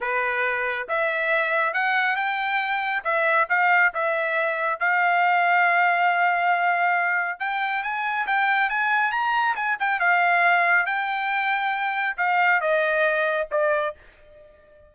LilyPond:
\new Staff \with { instrumentName = "trumpet" } { \time 4/4 \tempo 4 = 138 b'2 e''2 | fis''4 g''2 e''4 | f''4 e''2 f''4~ | f''1~ |
f''4 g''4 gis''4 g''4 | gis''4 ais''4 gis''8 g''8 f''4~ | f''4 g''2. | f''4 dis''2 d''4 | }